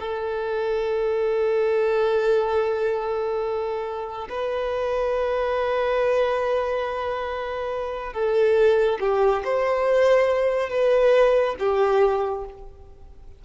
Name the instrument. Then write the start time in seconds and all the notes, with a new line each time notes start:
violin
0.00 A4
4.30 B4
8.14 A4
9.00 G4
9.45 C5
10.70 B4
11.59 G4